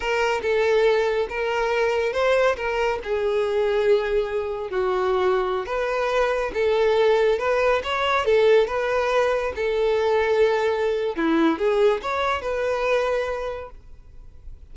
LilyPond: \new Staff \with { instrumentName = "violin" } { \time 4/4 \tempo 4 = 140 ais'4 a'2 ais'4~ | ais'4 c''4 ais'4 gis'4~ | gis'2. fis'4~ | fis'4~ fis'16 b'2 a'8.~ |
a'4~ a'16 b'4 cis''4 a'8.~ | a'16 b'2 a'4.~ a'16~ | a'2 e'4 gis'4 | cis''4 b'2. | }